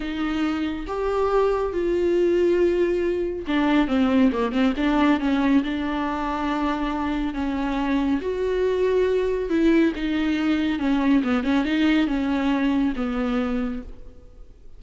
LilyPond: \new Staff \with { instrumentName = "viola" } { \time 4/4 \tempo 4 = 139 dis'2 g'2 | f'1 | d'4 c'4 ais8 c'8 d'4 | cis'4 d'2.~ |
d'4 cis'2 fis'4~ | fis'2 e'4 dis'4~ | dis'4 cis'4 b8 cis'8 dis'4 | cis'2 b2 | }